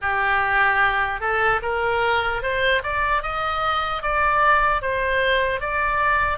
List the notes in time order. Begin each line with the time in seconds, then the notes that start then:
0.01 G4
1.20 A4
1.62 A#4
2.42 C5
2.83 D5
3.22 D#5
4.02 D5
4.81 C5
5.60 D5